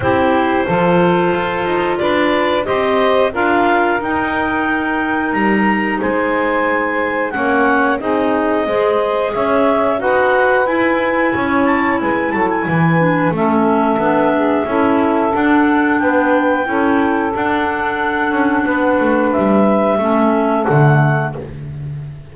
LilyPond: <<
  \new Staff \with { instrumentName = "clarinet" } { \time 4/4 \tempo 4 = 90 c''2. d''4 | dis''4 f''4 g''2 | ais''4 gis''2 fis''4 | dis''2 e''4 fis''4 |
gis''4. a''8 gis''8 a''16 gis''4~ gis''16 | e''2. fis''4 | g''2 fis''2~ | fis''4 e''2 fis''4 | }
  \new Staff \with { instrumentName = "saxophone" } { \time 4/4 g'4 a'2 b'4 | c''4 ais'2.~ | ais'4 c''2 cis''4 | gis'4 c''4 cis''4 b'4~ |
b'4 cis''4 b'8 a'8 b'4 | a'4. gis'8 a'2 | b'4 a'2. | b'2 a'2 | }
  \new Staff \with { instrumentName = "clarinet" } { \time 4/4 e'4 f'2. | g'4 f'4 dis'2~ | dis'2. cis'4 | dis'4 gis'2 fis'4 |
e'2.~ e'8 d'8 | cis'4 d'4 e'4 d'4~ | d'4 e'4 d'2~ | d'2 cis'4 a4 | }
  \new Staff \with { instrumentName = "double bass" } { \time 4/4 c'4 f4 f'8 dis'8 d'4 | c'4 d'4 dis'2 | g4 gis2 ais4 | c'4 gis4 cis'4 dis'4 |
e'4 cis'4 gis8 fis8 e4 | a4 b4 cis'4 d'4 | b4 cis'4 d'4. cis'8 | b8 a8 g4 a4 d4 | }
>>